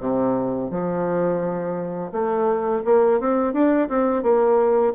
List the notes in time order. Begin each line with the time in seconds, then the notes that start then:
0.00 C3
0.70 F3
2.12 A3
2.85 A#3
3.20 C4
3.53 D4
3.89 C4
4.23 A#3